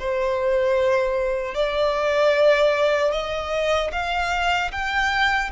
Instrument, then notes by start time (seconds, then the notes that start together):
violin
0.00 C5
1.55 D5
3.13 D#5
3.93 F5
4.72 G5